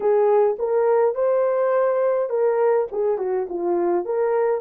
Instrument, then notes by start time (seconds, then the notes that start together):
horn
0.00 G#4
0.58 A#4
1.15 C5
2.29 A#4
2.91 G#4
3.18 F#4
3.49 F4
4.05 A#4